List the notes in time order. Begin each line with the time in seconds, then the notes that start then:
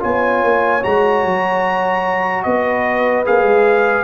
0.00 B3 F4 C#5 G#5
0.44 A#3
0.82 G#3 F#4 A#5
1.25 F#3
2.43 B3 B4 D#5
3.25 A#3 G#4 F5
3.42 G#3